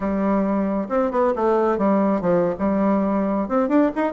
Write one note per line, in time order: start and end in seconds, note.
0.00 0.88 G3
0.88 1.11 C4
1.11 1.33 B3
1.35 1.77 A3
1.77 2.21 G3
2.21 2.54 F3
2.58 3.48 G3
3.48 3.68 C4
3.68 3.90 D4
3.95 4.13 D#4